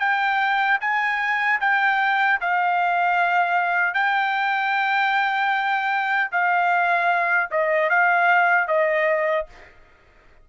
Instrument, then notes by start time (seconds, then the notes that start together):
trumpet
0.00 G5
0.81 G#5
1.61 G5
2.42 F5
3.94 G5
6.32 F5
7.51 D#5
7.90 F5
8.68 D#5